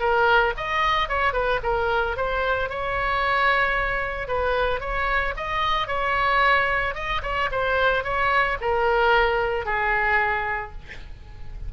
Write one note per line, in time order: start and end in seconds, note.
0.00 0.54 A#4
0.57 1.09 D#5
1.09 1.33 C#5
1.33 1.60 B4
1.63 2.17 A#4
2.17 2.70 C5
2.70 4.28 C#5
4.28 4.80 B4
4.80 5.34 C#5
5.37 5.88 D#5
5.88 6.95 C#5
6.95 7.22 D#5
7.23 7.50 C#5
7.52 8.04 C5
8.04 8.58 C#5
8.61 9.66 A#4
9.66 10.73 G#4